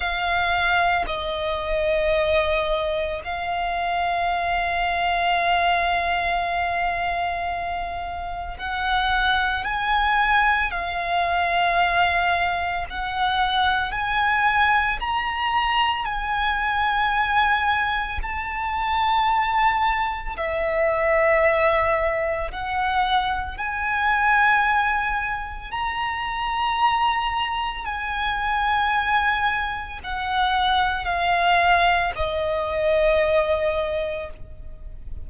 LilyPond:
\new Staff \with { instrumentName = "violin" } { \time 4/4 \tempo 4 = 56 f''4 dis''2 f''4~ | f''1 | fis''4 gis''4 f''2 | fis''4 gis''4 ais''4 gis''4~ |
gis''4 a''2 e''4~ | e''4 fis''4 gis''2 | ais''2 gis''2 | fis''4 f''4 dis''2 | }